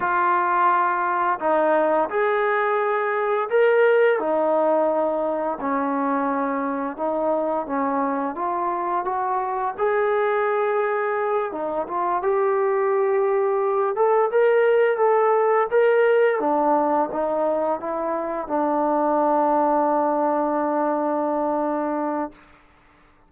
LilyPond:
\new Staff \with { instrumentName = "trombone" } { \time 4/4 \tempo 4 = 86 f'2 dis'4 gis'4~ | gis'4 ais'4 dis'2 | cis'2 dis'4 cis'4 | f'4 fis'4 gis'2~ |
gis'8 dis'8 f'8 g'2~ g'8 | a'8 ais'4 a'4 ais'4 d'8~ | d'8 dis'4 e'4 d'4.~ | d'1 | }